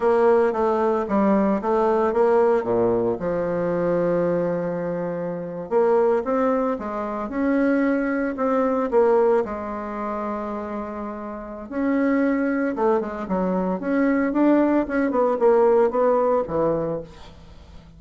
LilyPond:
\new Staff \with { instrumentName = "bassoon" } { \time 4/4 \tempo 4 = 113 ais4 a4 g4 a4 | ais4 ais,4 f2~ | f2~ f8. ais4 c'16~ | c'8. gis4 cis'2 c'16~ |
c'8. ais4 gis2~ gis16~ | gis2 cis'2 | a8 gis8 fis4 cis'4 d'4 | cis'8 b8 ais4 b4 e4 | }